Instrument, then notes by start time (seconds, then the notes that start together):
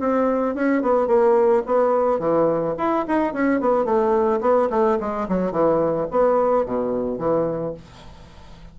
bassoon
0.00 C4
0.55 C#4
0.82 B3
1.08 A#3
1.66 B3
2.20 E3
2.78 E4
3.08 D#4
3.34 C#4
3.61 B3
3.85 A3
4.41 B3
4.70 A3
5.00 G#3
5.29 F#3
5.52 E3
6.11 B3
6.66 B2
7.19 E3